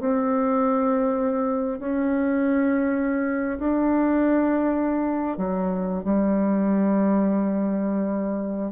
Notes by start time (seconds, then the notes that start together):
0.00 C4
1.80 C#4
3.59 D4
5.37 F#3
6.04 G3